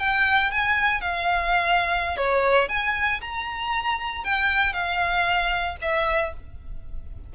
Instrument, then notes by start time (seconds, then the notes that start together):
violin
0.00 G5
0.51 G#5
1.02 F5
2.17 C#5
2.69 G#5
3.21 A#5
4.25 G5
4.74 F5
5.82 E5